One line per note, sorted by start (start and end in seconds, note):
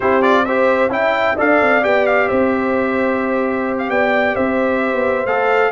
0.00 0.88 C4
0.00 0.21 E4
0.00 0.45 G4
0.00 0.22 C5
0.21 0.44 F4
0.21 0.45 D5
0.45 0.89 G4
0.45 0.90 C5
0.45 0.90 E5
0.88 1.34 C#4
0.88 1.35 E4
0.88 1.36 E5
0.88 1.38 G5
1.36 1.61 D4
1.36 1.81 A4
1.36 2.27 D5
1.36 1.84 F5
1.61 1.84 C4
1.81 2.30 B3
1.81 5.25 G4
1.81 2.06 G5
2.06 2.28 F5
2.27 3.89 C4
2.27 3.88 C5
2.27 3.77 E5
3.78 3.90 F5
3.89 4.35 B3
3.89 4.35 D5
3.89 4.35 G5
4.35 4.93 C4
4.35 5.71 C5
4.35 5.26 E5
4.93 5.25 B3
5.25 5.71 A3
5.25 5.71 A4
5.25 5.71 F5